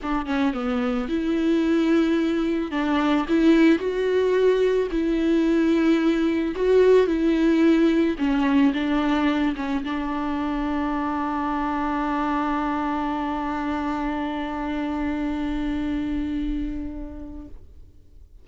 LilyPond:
\new Staff \with { instrumentName = "viola" } { \time 4/4 \tempo 4 = 110 d'8 cis'8 b4 e'2~ | e'4 d'4 e'4 fis'4~ | fis'4 e'2. | fis'4 e'2 cis'4 |
d'4. cis'8 d'2~ | d'1~ | d'1~ | d'1 | }